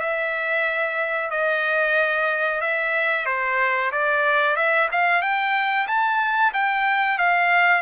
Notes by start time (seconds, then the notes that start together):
0.00 E5
1.30 D#5
2.61 E5
3.25 C5
3.92 D5
4.56 E5
4.92 F5
5.21 G5
5.87 A5
6.53 G5
7.18 F5